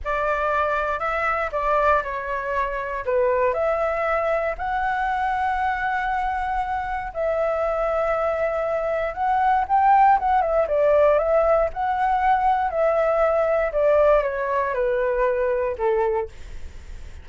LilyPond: \new Staff \with { instrumentName = "flute" } { \time 4/4 \tempo 4 = 118 d''2 e''4 d''4 | cis''2 b'4 e''4~ | e''4 fis''2.~ | fis''2 e''2~ |
e''2 fis''4 g''4 | fis''8 e''8 d''4 e''4 fis''4~ | fis''4 e''2 d''4 | cis''4 b'2 a'4 | }